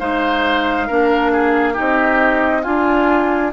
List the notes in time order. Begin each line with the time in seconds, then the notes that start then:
0.00 G#3 D#4 C5 F5
0.87 A#3 D4 A#4
1.33 G#4
1.74 C4 D#4 G4 D#5
2.63 D4 F4 G#5